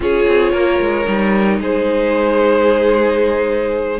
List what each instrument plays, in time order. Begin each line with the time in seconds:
0.00 cello C#4, viola F4, violin G#4 C#5
0.27 cello C4
0.52 cello A#3, violin A#4
0.80 cello G#3
1.05 cello G3, viola D#4
1.59 cello G#3, violin G#4 C5